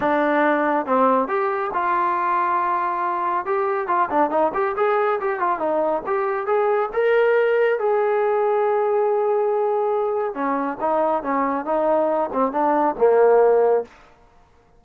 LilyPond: \new Staff \with { instrumentName = "trombone" } { \time 4/4 \tempo 4 = 139 d'2 c'4 g'4 | f'1 | g'4 f'8 d'8 dis'8 g'8 gis'4 | g'8 f'8 dis'4 g'4 gis'4 |
ais'2 gis'2~ | gis'1 | cis'4 dis'4 cis'4 dis'4~ | dis'8 c'8 d'4 ais2 | }